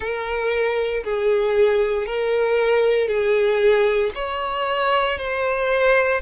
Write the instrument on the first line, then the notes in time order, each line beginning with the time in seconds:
violin
0.00 A#4
1.03 G#4
2.06 A#4
3.08 G#4
4.14 C#5
5.17 C5